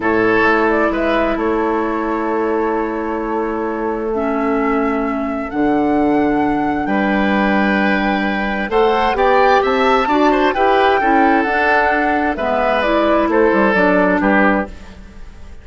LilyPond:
<<
  \new Staff \with { instrumentName = "flute" } { \time 4/4 \tempo 4 = 131 cis''4. d''8 e''4 cis''4~ | cis''1~ | cis''4 e''2. | fis''2. g''4~ |
g''2. fis''4 | g''4 a''2 g''4~ | g''4 fis''2 e''4 | d''4 c''4 d''4 b'4 | }
  \new Staff \with { instrumentName = "oboe" } { \time 4/4 a'2 b'4 a'4~ | a'1~ | a'1~ | a'2. b'4~ |
b'2. c''4 | d''4 e''4 d''8 c''8 b'4 | a'2. b'4~ | b'4 a'2 g'4 | }
  \new Staff \with { instrumentName = "clarinet" } { \time 4/4 e'1~ | e'1~ | e'4 cis'2. | d'1~ |
d'2. a'4 | g'2 fis'4 g'4 | e'4 d'2 b4 | e'2 d'2 | }
  \new Staff \with { instrumentName = "bassoon" } { \time 4/4 a,4 a4 gis4 a4~ | a1~ | a1 | d2. g4~ |
g2. a4 | b4 c'4 d'4 e'4 | cis'4 d'2 gis4~ | gis4 a8 g8 fis4 g4 | }
>>